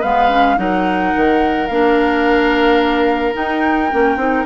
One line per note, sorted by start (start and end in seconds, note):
0.00 0.58 G#3
0.00 0.29 B3
0.00 0.56 B4
0.00 0.58 F5
0.29 0.57 C#4
0.57 1.13 F#3
0.57 1.68 D#4
0.57 4.46 A#4
0.57 1.67 F#5
1.16 1.69 D#3
1.67 3.35 A#3
1.67 3.33 D4
1.67 3.34 F5
3.33 3.89 D#4
3.33 3.92 D#4
3.33 4.46 G5
3.91 4.16 A#3
3.91 4.18 C#4
4.16 4.44 C4
4.16 4.45 D#4